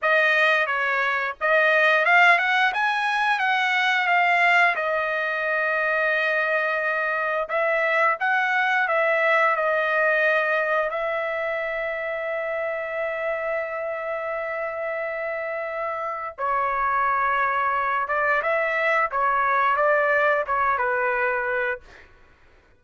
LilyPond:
\new Staff \with { instrumentName = "trumpet" } { \time 4/4 \tempo 4 = 88 dis''4 cis''4 dis''4 f''8 fis''8 | gis''4 fis''4 f''4 dis''4~ | dis''2. e''4 | fis''4 e''4 dis''2 |
e''1~ | e''1 | cis''2~ cis''8 d''8 e''4 | cis''4 d''4 cis''8 b'4. | }